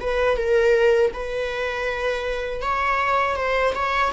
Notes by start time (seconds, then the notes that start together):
0.00 B4
0.36 A#4
1.13 B4
2.61 C#5
3.36 C5
3.75 C#5